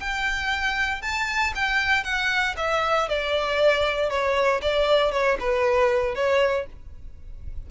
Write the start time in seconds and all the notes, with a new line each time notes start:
0.00 G5
1.02 A5
1.55 G5
2.04 F#5
2.57 E5
3.09 D5
4.10 C#5
4.62 D5
5.12 C#5
5.40 B4
6.15 C#5